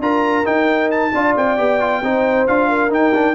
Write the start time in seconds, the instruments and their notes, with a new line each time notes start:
0.00 tuba D4, trombone F4, horn A#4, trumpet A#5
0.44 trombone D#4, tuba D#4, trumpet G5
0.91 trumpet A5
1.14 tuba D4, trombone F4, horn D5
1.37 tuba C4, trumpet G5
1.58 tuba B3, trombone G4
1.80 trombone F4
2.02 tuba C4, trombone D#4, horn C5
2.47 tuba D4, trombone F4, trumpet F5
2.69 horn A#4
2.90 trombone D#4, tuba D#4, trumpet G5
3.14 trombone D4